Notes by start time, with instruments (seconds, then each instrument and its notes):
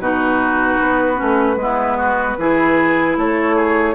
0.00 bassoon B2, clarinet D#4, oboe F#4, flute B4
0.81 bassoon B3
1.16 bassoon A3, clarinet C#4
1.56 bassoon G#3, clarinet B3
1.63 oboe E4
1.98 oboe F#4
2.39 bassoon E3, clarinet E4, oboe G#4
3.17 bassoon A3, oboe A4, flute C#5
3.56 oboe G#4